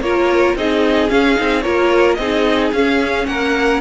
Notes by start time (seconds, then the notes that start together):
0.00 A#3 F4 A#4 C#5
0.55 C4 D#4 G#4 D#5
1.09 C#4 F5
1.35 C4 D#4
1.61 A#3 F4 A#4 C#5
2.14 C4 G#4 D#5
2.20 D#4
2.72 C#4 F5
3.26 A#3 A#4 F#5